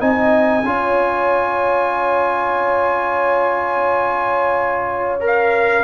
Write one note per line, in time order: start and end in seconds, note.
0.00 0.64 C4
0.00 0.63 D#4
0.00 0.64 D#5
0.00 5.22 G#5
0.64 5.84 C#4
0.64 5.20 F4
0.64 5.84 C#5
5.20 5.84 A#4
5.27 5.84 F5